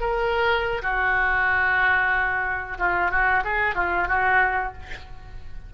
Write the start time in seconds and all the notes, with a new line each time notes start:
0.00 A#4
0.82 F#4
2.78 F4
3.10 F#4
3.44 G#4
3.75 F4
4.08 F#4